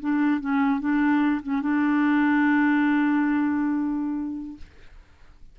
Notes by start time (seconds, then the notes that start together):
0.00 D4
0.40 C#4
0.80 D4
1.42 C#4
1.61 D4